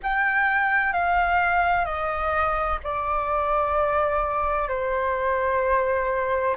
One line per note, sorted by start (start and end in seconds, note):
0.03 0.92 G5
0.92 1.85 F5
1.85 2.79 D#5
2.83 4.68 D5
4.68 6.55 C5